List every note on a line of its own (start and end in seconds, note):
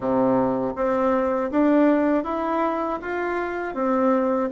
0.00 0.73 C3
0.75 1.50 C4
1.51 2.24 D4
2.24 2.99 E4
3.01 3.74 F4
3.74 4.49 C4